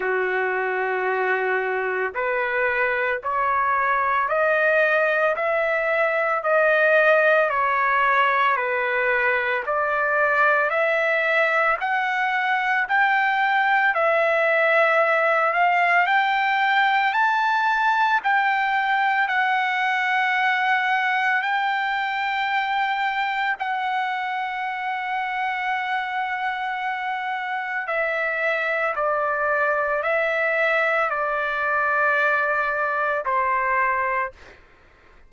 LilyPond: \new Staff \with { instrumentName = "trumpet" } { \time 4/4 \tempo 4 = 56 fis'2 b'4 cis''4 | dis''4 e''4 dis''4 cis''4 | b'4 d''4 e''4 fis''4 | g''4 e''4. f''8 g''4 |
a''4 g''4 fis''2 | g''2 fis''2~ | fis''2 e''4 d''4 | e''4 d''2 c''4 | }